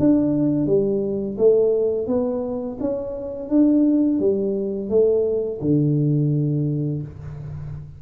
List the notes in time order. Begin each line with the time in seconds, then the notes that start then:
0.00 D4
0.66 G3
1.38 A3
2.08 B3
2.80 C#4
3.50 D4
4.20 G3
4.90 A3
5.61 D3